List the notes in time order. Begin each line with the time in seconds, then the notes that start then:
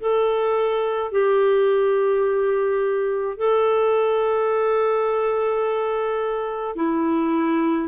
0.00 A4
1.12 G4
3.37 A4
6.76 E4